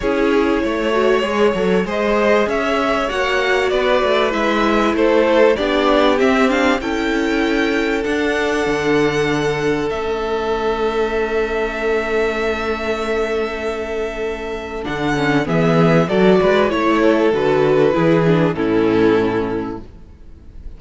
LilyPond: <<
  \new Staff \with { instrumentName = "violin" } { \time 4/4 \tempo 4 = 97 cis''2. dis''4 | e''4 fis''4 d''4 e''4 | c''4 d''4 e''8 f''8 g''4~ | g''4 fis''2. |
e''1~ | e''1 | fis''4 e''4 d''4 cis''4 | b'2 a'2 | }
  \new Staff \with { instrumentName = "violin" } { \time 4/4 gis'4 cis''2 c''4 | cis''2 b'2 | a'4 g'2 a'4~ | a'1~ |
a'1~ | a'1~ | a'4 gis'4 a'8 b'8 cis''8 a'8~ | a'4 gis'4 e'2 | }
  \new Staff \with { instrumentName = "viola" } { \time 4/4 e'4. fis'8 gis'8 a'8 gis'4~ | gis'4 fis'2 e'4~ | e'4 d'4 c'8 d'8 e'4~ | e'4 d'2. |
cis'1~ | cis'1 | d'8 cis'8 b4 fis'4 e'4 | fis'4 e'8 d'8 cis'2 | }
  \new Staff \with { instrumentName = "cello" } { \time 4/4 cis'4 a4 gis8 fis8 gis4 | cis'4 ais4 b8 a8 gis4 | a4 b4 c'4 cis'4~ | cis'4 d'4 d2 |
a1~ | a1 | d4 e4 fis8 gis8 a4 | d4 e4 a,2 | }
>>